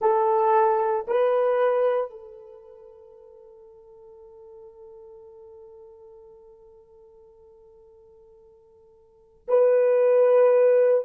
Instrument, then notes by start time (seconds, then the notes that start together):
horn
0.01 A4
1.07 B4
2.10 A4
9.47 B4